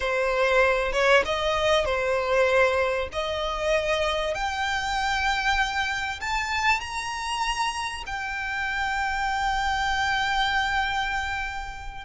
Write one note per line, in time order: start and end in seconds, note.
0.00 0.92 C5
0.92 1.23 C#5
1.25 1.85 D#5
1.85 3.08 C5
3.12 4.34 D#5
4.34 6.20 G5
6.20 6.80 A5
6.80 8.04 A#5
8.06 12.04 G5